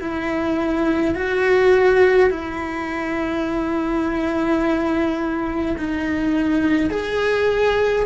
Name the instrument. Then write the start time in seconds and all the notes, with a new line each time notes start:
cello
0.00 E4
1.15 F#4
2.30 E4
5.78 D#4
6.90 G#4